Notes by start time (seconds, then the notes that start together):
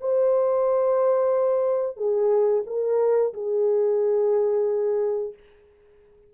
0.00 C5
1.97 G#4
2.66 A#4
3.33 G#4